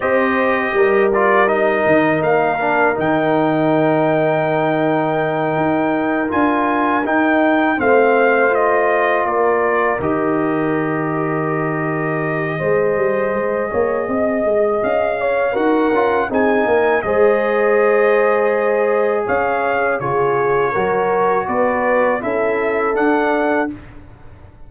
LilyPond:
<<
  \new Staff \with { instrumentName = "trumpet" } { \time 4/4 \tempo 4 = 81 dis''4. d''8 dis''4 f''4 | g''1~ | g''8 gis''4 g''4 f''4 dis''8~ | dis''8 d''4 dis''2~ dis''8~ |
dis''1 | f''4 fis''4 gis''4 dis''4~ | dis''2 f''4 cis''4~ | cis''4 d''4 e''4 fis''4 | }
  \new Staff \with { instrumentName = "horn" } { \time 4/4 c''4 ais'2.~ | ais'1~ | ais'2~ ais'8 c''4.~ | c''8 ais'2.~ ais'8~ |
ais'4 c''4. cis''8 dis''4~ | dis''8 cis''8 ais'4 gis'8 ais'8 c''4~ | c''2 cis''4 gis'4 | ais'4 b'4 a'2 | }
  \new Staff \with { instrumentName = "trombone" } { \time 4/4 g'4. f'8 dis'4. d'8 | dis'1~ | dis'8 f'4 dis'4 c'4 f'8~ | f'4. g'2~ g'8~ |
g'4 gis'2.~ | gis'4 fis'8 f'8 dis'4 gis'4~ | gis'2. f'4 | fis'2 e'4 d'4 | }
  \new Staff \with { instrumentName = "tuba" } { \time 4/4 c'4 g4. dis8 ais4 | dis2.~ dis8 dis'8~ | dis'8 d'4 dis'4 a4.~ | a8 ais4 dis2~ dis8~ |
dis4 gis8 g8 gis8 ais8 c'8 gis8 | cis'4 dis'8 cis'8 c'8 ais8 gis4~ | gis2 cis'4 cis4 | fis4 b4 cis'4 d'4 | }
>>